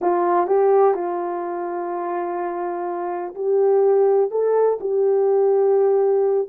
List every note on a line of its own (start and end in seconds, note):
0.01 0.46 F4
0.46 0.94 G4
0.94 3.34 F4
3.34 4.30 G4
4.30 4.78 A4
4.80 6.48 G4